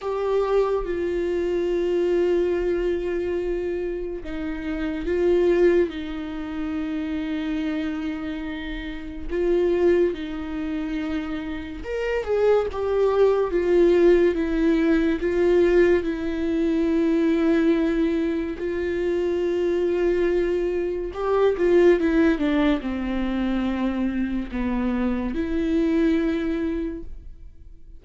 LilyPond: \new Staff \with { instrumentName = "viola" } { \time 4/4 \tempo 4 = 71 g'4 f'2.~ | f'4 dis'4 f'4 dis'4~ | dis'2. f'4 | dis'2 ais'8 gis'8 g'4 |
f'4 e'4 f'4 e'4~ | e'2 f'2~ | f'4 g'8 f'8 e'8 d'8 c'4~ | c'4 b4 e'2 | }